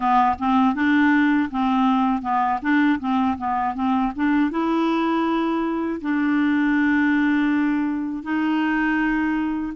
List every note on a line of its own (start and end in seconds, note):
0.00 0.36 B3
0.38 0.74 C4
0.74 1.49 D4
1.50 2.22 C4
2.22 2.59 B3
2.61 2.99 D4
2.99 3.37 C4
3.37 3.74 B3
3.74 4.12 C4
4.15 4.50 D4
4.50 6.00 E4
6.01 8.23 D4
8.23 9.73 D#4